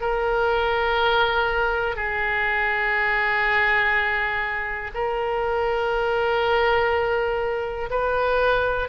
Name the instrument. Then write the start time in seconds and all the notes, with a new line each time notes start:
oboe
0.00 A#4
1.95 G#4
4.94 A#4
7.90 B4